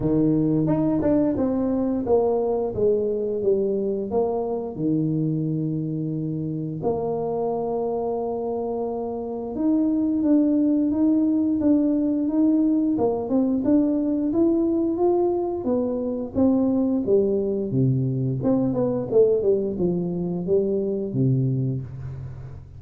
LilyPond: \new Staff \with { instrumentName = "tuba" } { \time 4/4 \tempo 4 = 88 dis4 dis'8 d'8 c'4 ais4 | gis4 g4 ais4 dis4~ | dis2 ais2~ | ais2 dis'4 d'4 |
dis'4 d'4 dis'4 ais8 c'8 | d'4 e'4 f'4 b4 | c'4 g4 c4 c'8 b8 | a8 g8 f4 g4 c4 | }